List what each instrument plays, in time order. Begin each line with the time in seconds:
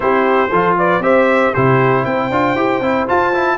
0.00 tuba C4, trombone E4, horn G4, trumpet C5
0.50 tuba F3, trombone F4, horn A4
0.77 horn B4, trumpet D5
0.99 tuba C4, trombone G4, horn C5, trumpet E5
1.52 tuba C3, trombone E4, horn G4, trumpet C5
2.04 tuba C4, horn C5, trumpet G5
2.30 tuba D4, trombone F4
2.54 tuba E4, trombone G4
2.80 tuba C4, trombone E4
3.07 trombone F4, tuba F4, trumpet A5
3.33 trombone E4